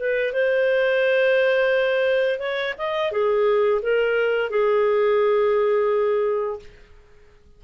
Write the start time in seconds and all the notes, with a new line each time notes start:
0.00 B4
0.33 C5
2.39 C#5
2.78 D#5
3.12 G#4
3.82 A#4
4.50 G#4